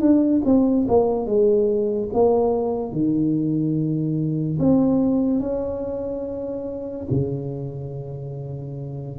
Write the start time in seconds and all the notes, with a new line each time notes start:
0.00 D4
0.45 C4
0.88 A#3
1.26 G#3
2.13 A#3
2.92 D#3
4.59 C4
5.40 C#4
7.10 C#3